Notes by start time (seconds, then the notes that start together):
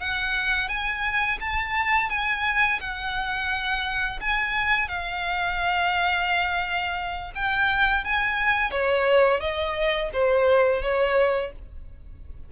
0.00 F#5
0.69 G#5
1.40 A5
2.10 G#5
2.80 F#5
4.21 G#5
4.89 F5
7.36 G5
8.05 G#5
8.71 C#5
9.41 D#5
10.14 C5
10.83 C#5